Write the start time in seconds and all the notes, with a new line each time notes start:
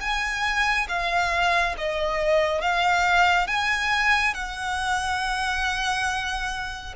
0.00 G#5
0.88 F5
1.77 D#5
2.61 F5
3.47 G#5
4.34 F#5